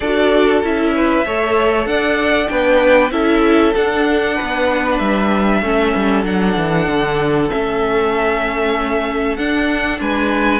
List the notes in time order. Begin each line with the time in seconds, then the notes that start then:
0.00 D4 F#4 A4 D5
0.63 C#4 E4 E5
0.95 B4
1.25 A3 A4 C#5
1.86 D4 D5 F#5
2.48 B3 D4 B4 G5
3.11 C#4 E4 A4 E5
3.75 D4 F#5
4.35 B3 B4
4.98 G3 E5
5.61 A3 C#4 A4
5.95 G3
6.24 F#3 D4 F#5
6.56 E3
6.87 D3
7.50 A3 C#4 E5
9.36 D4 F#5
10.00 G#3 B4 G#5